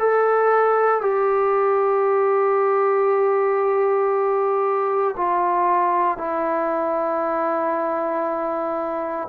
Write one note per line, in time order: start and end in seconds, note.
0.00 1.02 A4
1.02 5.16 G4
5.17 6.18 F4
6.18 9.28 E4